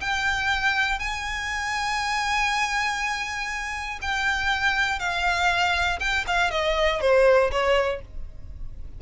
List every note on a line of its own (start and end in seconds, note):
0.00 0.99 G5
0.99 3.99 G#5
4.01 4.99 G5
4.99 5.99 F5
5.99 6.24 G5
6.27 6.50 F5
6.50 7.00 D#5
7.00 7.50 C5
7.51 8.01 C#5